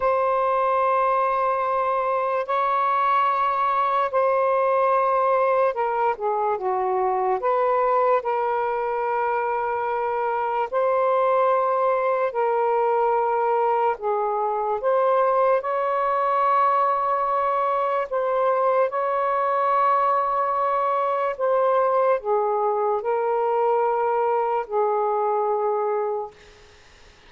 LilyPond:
\new Staff \with { instrumentName = "saxophone" } { \time 4/4 \tempo 4 = 73 c''2. cis''4~ | cis''4 c''2 ais'8 gis'8 | fis'4 b'4 ais'2~ | ais'4 c''2 ais'4~ |
ais'4 gis'4 c''4 cis''4~ | cis''2 c''4 cis''4~ | cis''2 c''4 gis'4 | ais'2 gis'2 | }